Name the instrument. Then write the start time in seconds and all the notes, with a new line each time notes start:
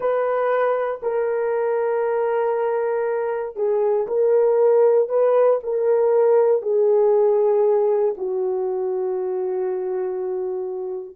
horn
0.00 B4
1.02 A#4
3.55 G#4
4.07 A#4
5.08 B4
5.63 A#4
6.61 G#4
8.17 F#4